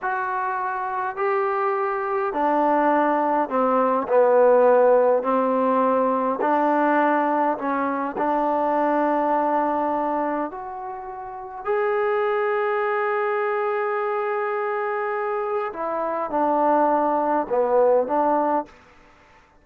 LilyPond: \new Staff \with { instrumentName = "trombone" } { \time 4/4 \tempo 4 = 103 fis'2 g'2 | d'2 c'4 b4~ | b4 c'2 d'4~ | d'4 cis'4 d'2~ |
d'2 fis'2 | gis'1~ | gis'2. e'4 | d'2 b4 d'4 | }